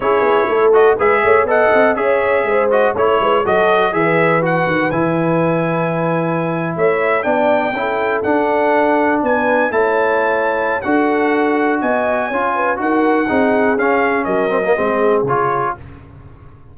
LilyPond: <<
  \new Staff \with { instrumentName = "trumpet" } { \time 4/4 \tempo 4 = 122 cis''4. dis''8 e''4 fis''4 | e''4. dis''8 cis''4 dis''4 | e''4 fis''4 gis''2~ | gis''4.~ gis''16 e''4 g''4~ g''16~ |
g''8. fis''2 gis''4 a''16~ | a''2 fis''2 | gis''2 fis''2 | f''4 dis''2 cis''4 | }
  \new Staff \with { instrumentName = "horn" } { \time 4/4 gis'4 a'4 b'8 cis''8 dis''4 | cis''4 c''4 cis''8 b'8 a'4 | b'1~ | b'4.~ b'16 cis''4 d''4 a'16~ |
a'2~ a'8. b'4 cis''16~ | cis''2 a'2 | dis''4 cis''8 b'8 ais'4 gis'4~ | gis'4 ais'4 gis'2 | }
  \new Staff \with { instrumentName = "trombone" } { \time 4/4 e'4. fis'8 gis'4 a'4 | gis'4. fis'8 e'4 fis'4 | gis'4 fis'4 e'2~ | e'2~ e'8. d'4 e'16~ |
e'8. d'2. e'16~ | e'2 fis'2~ | fis'4 f'4 fis'4 dis'4 | cis'4. c'16 ais16 c'4 f'4 | }
  \new Staff \with { instrumentName = "tuba" } { \time 4/4 cis'8 b8 a4 gis8 a8 b8 c'8 | cis'4 gis4 a8 gis8 fis4 | e4. dis8 e2~ | e4.~ e16 a4 b4 cis'16~ |
cis'8. d'2 b4 a16~ | a2 d'2 | b4 cis'4 dis'4 c'4 | cis'4 fis4 gis4 cis4 | }
>>